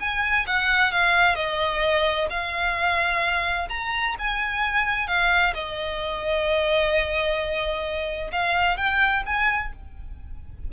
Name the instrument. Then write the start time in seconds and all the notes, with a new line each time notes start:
violin
0.00 G#5
0.47 F#5
0.91 F5
1.35 D#5
2.30 F5
3.69 A#5
4.19 G#5
5.07 F5
5.54 D#5
8.32 F5
8.77 G5
9.26 G#5